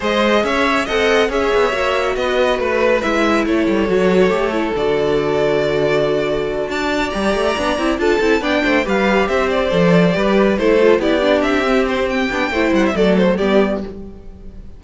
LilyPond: <<
  \new Staff \with { instrumentName = "violin" } { \time 4/4 \tempo 4 = 139 dis''4 e''4 fis''4 e''4~ | e''4 dis''4 b'4 e''4 | cis''2. d''4~ | d''2.~ d''8 a''8~ |
a''8 ais''2 a''4 g''8~ | g''8 f''4 e''8 d''2~ | d''8 c''4 d''4 e''4 c''8 | g''4. fis''16 e''16 d''8 c''8 d''4 | }
  \new Staff \with { instrumentName = "violin" } { \time 4/4 c''4 cis''4 dis''4 cis''4~ | cis''4 b'2. | a'1~ | a'2.~ a'8 d''8~ |
d''2~ d''8 a'4 d''8 | c''8 b'4 c''2 b'8~ | b'8 a'4 g'2~ g'8~ | g'4 c''4 a'4 g'4 | }
  \new Staff \with { instrumentName = "viola" } { \time 4/4 gis'2 a'4 gis'4 | fis'2. e'4~ | e'4 fis'4 g'8 e'8 fis'4~ | fis'1~ |
fis'8 g'4 d'8 e'8 f'8 e'8 d'8~ | d'8 g'2 a'4 g'8~ | g'8 e'8 f'8 e'8 d'4 c'4~ | c'8 d'8 e'4 a4 b4 | }
  \new Staff \with { instrumentName = "cello" } { \time 4/4 gis4 cis'4 c'4 cis'8 b8 | ais4 b4 a4 gis4 | a8 g8 fis4 a4 d4~ | d2.~ d8 d'8~ |
d'8 g8 a8 b8 c'8 d'8 c'8 b8 | a8 g4 c'4 f4 g8~ | g8 a4 b4 c'4.~ | c'8 b8 a8 g8 fis4 g4 | }
>>